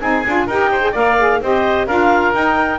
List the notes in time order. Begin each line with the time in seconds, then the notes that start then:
0.00 C4 D#4 G#4 G#5
0.26 D4 F4
0.47 D#4 G4 A#4 G5
0.71 C5
0.81 G#4
0.91 A#3 A#4 D5 F5
1.19 G#4
1.41 C4 G4 C5 D#5
1.87 D4 F4 A#4 F5
2.33 D#4 G5